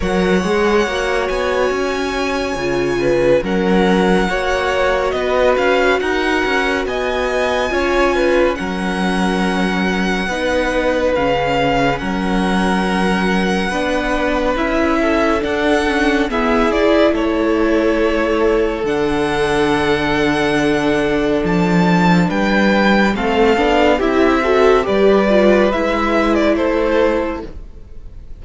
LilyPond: <<
  \new Staff \with { instrumentName = "violin" } { \time 4/4 \tempo 4 = 70 fis''4. gis''2~ gis''8 | fis''2 dis''8 f''8 fis''4 | gis''2 fis''2~ | fis''4 f''4 fis''2~ |
fis''4 e''4 fis''4 e''8 d''8 | cis''2 fis''2~ | fis''4 a''4 g''4 f''4 | e''4 d''4 e''8. d''16 c''4 | }
  \new Staff \with { instrumentName = "violin" } { \time 4/4 cis''2.~ cis''8 b'8 | ais'4 cis''4 b'4 ais'4 | dis''4 cis''8 b'8 ais'2 | b'2 ais'2 |
b'4. a'4. gis'4 | a'1~ | a'2 b'4 a'4 | g'8 a'8 b'2 a'4 | }
  \new Staff \with { instrumentName = "viola" } { \time 4/4 ais'8 gis'8 fis'2 f'4 | cis'4 fis'2.~ | fis'4 f'4 cis'2 | dis'4 cis'2. |
d'4 e'4 d'8 cis'8 b8 e'8~ | e'2 d'2~ | d'2. c'8 d'8 | e'8 fis'8 g'8 f'8 e'2 | }
  \new Staff \with { instrumentName = "cello" } { \time 4/4 fis8 gis8 ais8 b8 cis'4 cis4 | fis4 ais4 b8 cis'8 dis'8 cis'8 | b4 cis'4 fis2 | b4 cis4 fis2 |
b4 cis'4 d'4 e'4 | a2 d2~ | d4 f4 g4 a8 b8 | c'4 g4 gis4 a4 | }
>>